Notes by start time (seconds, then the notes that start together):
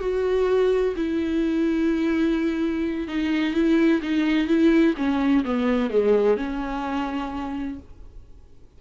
0.00 F#4
0.96 E4
3.08 D#4
3.54 E4
4.02 D#4
4.47 E4
4.97 C#4
5.44 B3
5.90 G#3
6.37 C#4